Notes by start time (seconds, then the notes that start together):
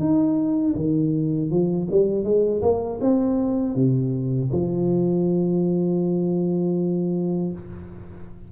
0.00 D#4
0.76 D#3
1.51 F3
1.91 G3
2.24 G#3
2.62 A#3
3.01 C4
3.76 C3
4.52 F3